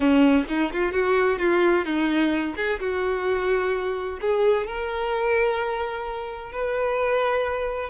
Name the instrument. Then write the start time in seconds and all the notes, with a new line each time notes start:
violin
0.00 C#4
0.48 D#4
0.72 F4
0.92 F#4
1.38 F4
1.85 D#4
2.56 G#4
2.80 F#4
4.21 G#4
4.66 A#4
6.52 B4